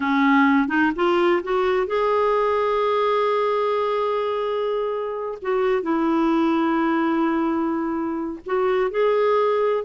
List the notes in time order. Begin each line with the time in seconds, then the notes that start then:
0.00 C#4
0.68 D#4
0.95 F4
1.43 F#4
1.86 G#4
5.41 F#4
5.82 E4
8.46 F#4
8.90 G#4